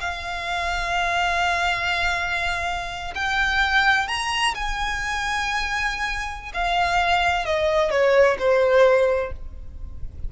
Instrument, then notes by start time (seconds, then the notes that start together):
violin
0.00 F5
3.15 G5
4.08 A#5
4.55 G#5
6.54 F5
7.45 D#5
7.90 C#5
8.39 C5